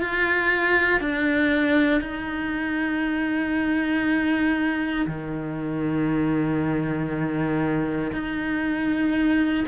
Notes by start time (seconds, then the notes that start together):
0.00 F4
1.00 D4
2.01 D#4
5.07 D#3
8.12 D#4